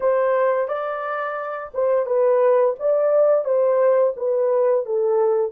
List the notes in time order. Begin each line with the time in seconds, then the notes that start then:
0.00 C5
0.68 D5
1.74 C5
2.05 B4
2.79 D5
3.44 C5
4.16 B4
4.85 A4